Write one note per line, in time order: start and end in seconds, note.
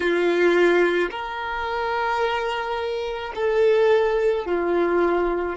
0.00 1.10 F4
1.10 3.32 A#4
3.35 4.45 A4
4.45 5.56 F4